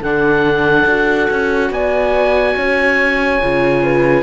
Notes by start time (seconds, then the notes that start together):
0.00 D3 D4 A4 F#5
0.86 D4 F#4
1.30 C#4
1.70 B3 D5 G#5
2.57 C#4 C#5
3.42 C#3 F4
3.83 B4